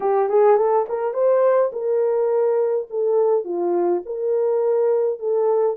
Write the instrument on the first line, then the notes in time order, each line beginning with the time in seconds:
horn
0.00 G4
0.29 G#4
0.57 A4
0.88 A#4
1.13 C5
1.72 A#4
2.90 A4
3.44 F4
4.05 A#4
5.19 A4